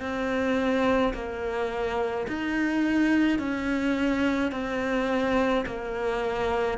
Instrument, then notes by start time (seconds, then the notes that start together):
cello
0.00 C4
1.14 A#3
2.27 D#4
3.39 C#4
4.51 C4
5.66 A#3